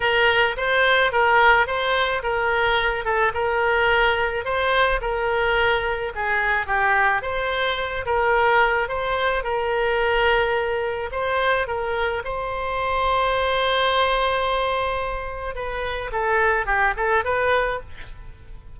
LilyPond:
\new Staff \with { instrumentName = "oboe" } { \time 4/4 \tempo 4 = 108 ais'4 c''4 ais'4 c''4 | ais'4. a'8 ais'2 | c''4 ais'2 gis'4 | g'4 c''4. ais'4. |
c''4 ais'2. | c''4 ais'4 c''2~ | c''1 | b'4 a'4 g'8 a'8 b'4 | }